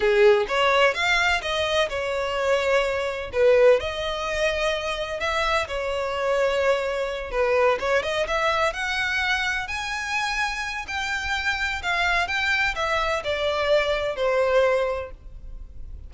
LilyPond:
\new Staff \with { instrumentName = "violin" } { \time 4/4 \tempo 4 = 127 gis'4 cis''4 f''4 dis''4 | cis''2. b'4 | dis''2. e''4 | cis''2.~ cis''8 b'8~ |
b'8 cis''8 dis''8 e''4 fis''4.~ | fis''8 gis''2~ gis''8 g''4~ | g''4 f''4 g''4 e''4 | d''2 c''2 | }